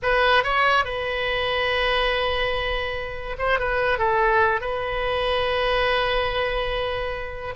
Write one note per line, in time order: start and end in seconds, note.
0.02 0.43 B4
0.43 0.84 C#5
0.84 3.36 B4
3.38 3.59 C5
3.59 3.98 B4
3.98 4.60 A4
4.60 7.54 B4